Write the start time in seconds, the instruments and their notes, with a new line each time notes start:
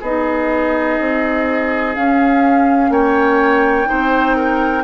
0.00 bassoon B3, clarinet D#4, oboe G#4, flute D#5
0.99 bassoon C4
1.94 clarinet C#4, bassoon C#4, flute F5
2.90 bassoon A#3, oboe C#5, flute G5
3.85 bassoon C4, clarinet D#4, oboe C5
4.36 oboe A#4